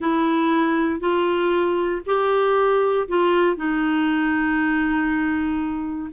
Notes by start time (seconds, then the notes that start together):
0.00 E4
0.99 F4
2.05 G4
3.08 F4
3.56 D#4